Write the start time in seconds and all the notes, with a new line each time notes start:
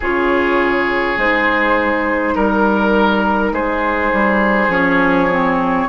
0.00 C#3 F4 G#4 C#5
1.17 G#3 D#4 C5
2.34 G3 A#4
3.52 G#3 G#4 C5
4.12 G3
4.67 F3 C#4 C#5
5.30 C4